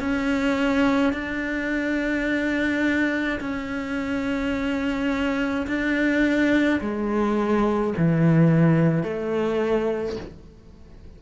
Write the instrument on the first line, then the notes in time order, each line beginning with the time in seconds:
cello
0.00 C#4
1.13 D4
3.41 C#4
5.68 D4
6.81 G#3
7.98 E3
9.04 A3